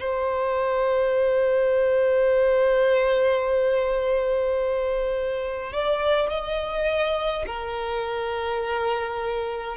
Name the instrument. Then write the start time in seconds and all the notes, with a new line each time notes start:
violin
0.00 C5
5.73 D5
6.30 D#5
7.47 A#4